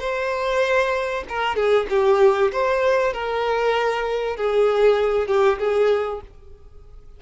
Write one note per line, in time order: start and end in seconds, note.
0.00 1.24 C5
1.29 1.55 A#4
1.55 1.86 G#4
1.90 2.51 G4
2.52 3.13 C5
3.13 4.36 A#4
4.36 5.27 G#4
5.27 5.58 G4
5.59 6.21 G#4